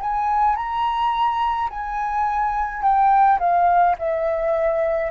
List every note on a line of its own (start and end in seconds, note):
0.00 0.56 G#5
0.56 1.69 A#5
1.70 2.82 G#5
2.82 3.39 G5
3.39 3.95 F5
3.98 5.10 E5